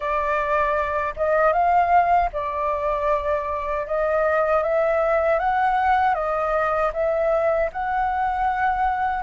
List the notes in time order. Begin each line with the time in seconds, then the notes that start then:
0.00 D5
1.16 D#5
1.52 F5
2.33 D5
3.86 D#5
4.62 E5
5.39 F#5
6.14 D#5
6.93 E5
7.72 F#5